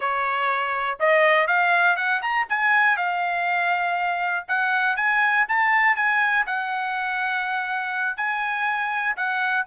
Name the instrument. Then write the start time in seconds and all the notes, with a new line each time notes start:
trumpet
0.00 C#5
0.99 D#5
1.47 F5
1.96 F#5
2.22 A#5
2.49 G#5
2.97 F5
4.48 F#5
4.96 G#5
5.48 A5
5.95 G#5
6.46 F#5
8.16 G#5
9.16 F#5